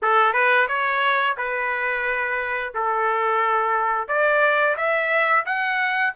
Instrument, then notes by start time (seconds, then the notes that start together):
trumpet
0.02 A4
0.33 B4
0.68 C#5
1.37 B4
2.74 A4
4.08 D5
4.77 E5
5.45 F#5